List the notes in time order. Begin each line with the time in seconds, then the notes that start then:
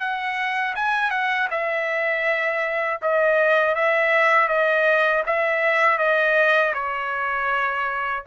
0.00 F#5
0.76 G#5
1.11 F#5
1.51 E5
3.02 D#5
3.75 E5
4.49 D#5
5.26 E5
5.98 D#5
6.74 C#5